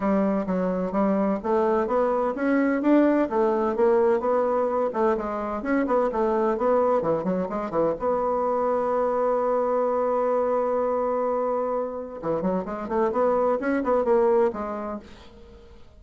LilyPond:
\new Staff \with { instrumentName = "bassoon" } { \time 4/4 \tempo 4 = 128 g4 fis4 g4 a4 | b4 cis'4 d'4 a4 | ais4 b4. a8 gis4 | cis'8 b8 a4 b4 e8 fis8 |
gis8 e8 b2.~ | b1~ | b2 e8 fis8 gis8 a8 | b4 cis'8 b8 ais4 gis4 | }